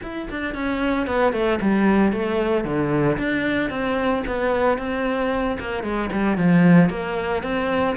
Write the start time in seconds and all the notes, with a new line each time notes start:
0.02 E4
0.30 D4
0.54 C#4
1.06 B3
1.33 A3
1.61 G3
2.12 A3
2.64 D3
3.18 D4
3.70 C4
4.26 B3
4.78 C4
5.59 A#3
5.83 G#3
6.12 G3
6.37 F3
6.89 A#3
7.42 C4